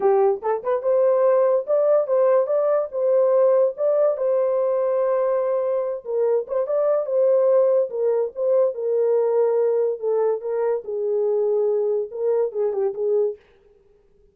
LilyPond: \new Staff \with { instrumentName = "horn" } { \time 4/4 \tempo 4 = 144 g'4 a'8 b'8 c''2 | d''4 c''4 d''4 c''4~ | c''4 d''4 c''2~ | c''2~ c''8 ais'4 c''8 |
d''4 c''2 ais'4 | c''4 ais'2. | a'4 ais'4 gis'2~ | gis'4 ais'4 gis'8 g'8 gis'4 | }